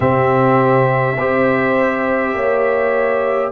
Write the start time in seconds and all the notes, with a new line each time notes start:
0.00 C3 C4 G4 E5
1.17 C4 G4 C5
2.34 A#3 C#5